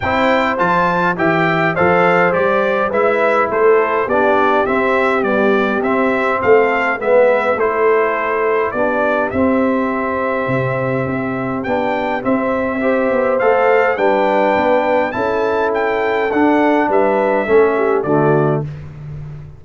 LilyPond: <<
  \new Staff \with { instrumentName = "trumpet" } { \time 4/4 \tempo 4 = 103 g''4 a''4 g''4 f''4 | d''4 e''4 c''4 d''4 | e''4 d''4 e''4 f''4 | e''4 c''2 d''4 |
e''1 | g''4 e''2 f''4 | g''2 a''4 g''4 | fis''4 e''2 d''4 | }
  \new Staff \with { instrumentName = "horn" } { \time 4/4 c''2 e''4 c''4~ | c''4 b'4 a'4 g'4~ | g'2. a'4 | b'4 a'2 g'4~ |
g'1~ | g'2 c''2 | b'2 a'2~ | a'4 b'4 a'8 g'8 fis'4 | }
  \new Staff \with { instrumentName = "trombone" } { \time 4/4 e'4 f'4 g'4 a'4 | g'4 e'2 d'4 | c'4 g4 c'2 | b4 e'2 d'4 |
c'1 | d'4 c'4 g'4 a'4 | d'2 e'2 | d'2 cis'4 a4 | }
  \new Staff \with { instrumentName = "tuba" } { \time 4/4 c'4 f4 e4 f4 | g4 gis4 a4 b4 | c'4 b4 c'4 a4 | gis4 a2 b4 |
c'2 c4 c'4 | b4 c'4. b8 a4 | g4 b4 cis'2 | d'4 g4 a4 d4 | }
>>